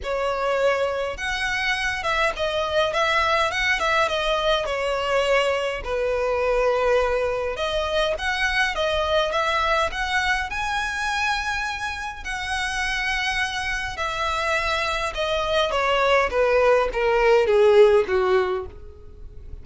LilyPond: \new Staff \with { instrumentName = "violin" } { \time 4/4 \tempo 4 = 103 cis''2 fis''4. e''8 | dis''4 e''4 fis''8 e''8 dis''4 | cis''2 b'2~ | b'4 dis''4 fis''4 dis''4 |
e''4 fis''4 gis''2~ | gis''4 fis''2. | e''2 dis''4 cis''4 | b'4 ais'4 gis'4 fis'4 | }